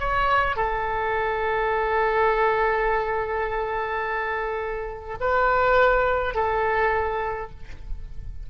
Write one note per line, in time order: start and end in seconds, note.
0.00 0.57 C#5
0.57 5.18 A4
5.21 6.35 B4
6.35 7.51 A4